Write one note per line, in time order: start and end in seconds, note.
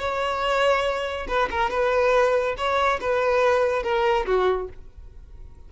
0.00 1.28 C#5
1.28 1.50 B4
1.51 1.71 A#4
1.71 2.56 B4
2.58 3.00 C#5
3.01 3.84 B4
3.84 4.26 A#4
4.26 4.69 F#4